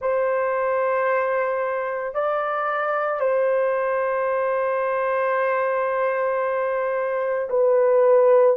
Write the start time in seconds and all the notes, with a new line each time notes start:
0.01 C5
2.14 D5
3.19 C5
7.49 B4